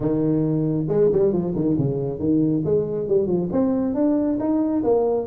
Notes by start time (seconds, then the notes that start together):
0.00 D#3
0.88 G#3
1.12 G3
1.32 F3
1.55 D#3
1.77 C#3
2.19 D#3
2.64 G#3
3.08 G3
3.26 F3
3.52 C4
3.94 D4
4.39 D#4
4.83 A#3